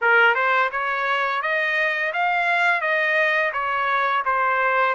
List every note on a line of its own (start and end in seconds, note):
0.01 0.34 A#4
0.34 0.70 C5
0.71 1.41 C#5
1.42 2.12 D#5
2.13 2.81 F5
2.81 3.51 D#5
3.52 4.23 C#5
4.25 4.94 C5